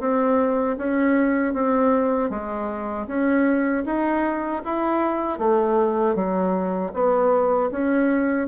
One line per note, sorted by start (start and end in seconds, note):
0.00 0.77 C4
0.78 1.53 C#4
1.53 2.30 C4
2.30 3.07 G#3
3.07 3.84 C#4
3.85 4.62 D#4
4.65 5.39 E4
5.39 6.15 A3
6.15 6.92 F#3
6.93 7.70 B3
7.71 8.48 C#4